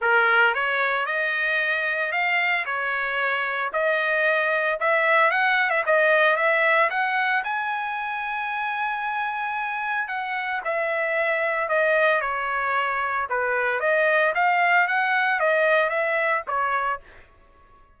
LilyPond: \new Staff \with { instrumentName = "trumpet" } { \time 4/4 \tempo 4 = 113 ais'4 cis''4 dis''2 | f''4 cis''2 dis''4~ | dis''4 e''4 fis''8. e''16 dis''4 | e''4 fis''4 gis''2~ |
gis''2. fis''4 | e''2 dis''4 cis''4~ | cis''4 b'4 dis''4 f''4 | fis''4 dis''4 e''4 cis''4 | }